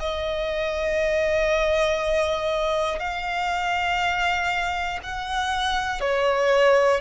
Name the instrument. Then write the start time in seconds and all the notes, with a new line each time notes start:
violin
0.00 D#5
3.00 F5
5.03 F#5
6.00 C#5